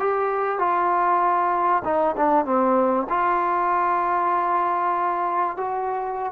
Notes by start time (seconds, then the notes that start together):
0.00 G4
0.59 F4
1.85 D#4
2.17 D4
2.45 C4
3.10 F4
5.57 F#4